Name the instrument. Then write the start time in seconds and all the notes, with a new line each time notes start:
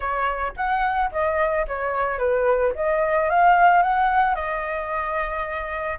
flute
0.00 C#5
0.56 F#5
1.11 D#5
1.67 C#5
2.18 B4
2.75 D#5
3.29 F5
3.82 F#5
4.35 D#5